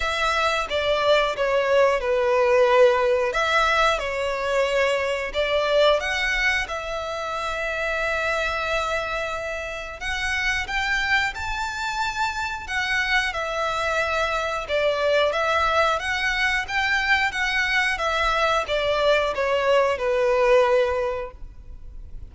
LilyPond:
\new Staff \with { instrumentName = "violin" } { \time 4/4 \tempo 4 = 90 e''4 d''4 cis''4 b'4~ | b'4 e''4 cis''2 | d''4 fis''4 e''2~ | e''2. fis''4 |
g''4 a''2 fis''4 | e''2 d''4 e''4 | fis''4 g''4 fis''4 e''4 | d''4 cis''4 b'2 | }